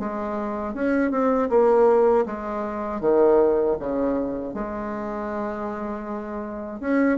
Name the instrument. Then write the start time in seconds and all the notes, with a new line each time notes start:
bassoon
0.00 G#3
0.75 C#4
1.12 C4
1.50 A#3
2.26 G#3
3.01 D#3
3.80 C#3
4.54 G#3
6.81 C#4